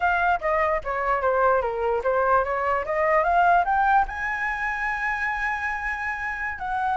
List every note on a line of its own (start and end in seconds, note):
0.00 0.40 F5
0.40 0.81 D#5
0.83 1.21 C#5
1.21 1.61 C5
1.61 2.02 A#4
2.03 2.44 C5
2.44 2.85 C#5
2.85 3.23 D#5
3.23 3.64 F5
3.64 4.05 G5
4.07 6.58 G#5
6.58 6.97 F#5